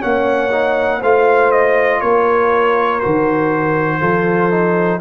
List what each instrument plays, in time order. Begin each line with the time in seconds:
0.00 tuba A#3, trombone C#4, horn C#5, trumpet F#5
0.51 trombone D#4
0.99 tuba A3, trombone F4, horn C5, trumpet F5
1.51 trumpet D#5
2.01 tuba A#3, horn A#4, trumpet C#5
3.00 tuba D#3, trombone F#4, trumpet C5
4.00 tuba F3, trombone F4, horn A4
4.50 trombone D#4